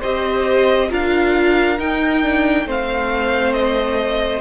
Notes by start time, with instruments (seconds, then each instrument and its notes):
0.00 cello C4, viola G4, violin C5 D#5
0.90 cello D4, viola F4, violin A#4 F5
1.79 viola D#4, cello D#4, violin G5
2.23 viola D4
2.65 cello A3, viola C4, violin C5 F5
3.53 violin D#5